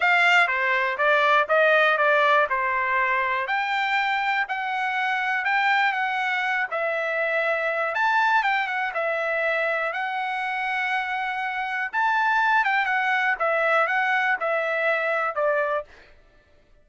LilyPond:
\new Staff \with { instrumentName = "trumpet" } { \time 4/4 \tempo 4 = 121 f''4 c''4 d''4 dis''4 | d''4 c''2 g''4~ | g''4 fis''2 g''4 | fis''4. e''2~ e''8 |
a''4 g''8 fis''8 e''2 | fis''1 | a''4. g''8 fis''4 e''4 | fis''4 e''2 d''4 | }